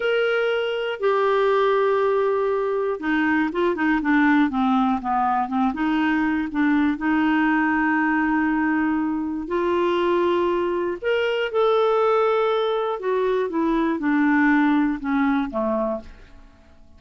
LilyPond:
\new Staff \with { instrumentName = "clarinet" } { \time 4/4 \tempo 4 = 120 ais'2 g'2~ | g'2 dis'4 f'8 dis'8 | d'4 c'4 b4 c'8 dis'8~ | dis'4 d'4 dis'2~ |
dis'2. f'4~ | f'2 ais'4 a'4~ | a'2 fis'4 e'4 | d'2 cis'4 a4 | }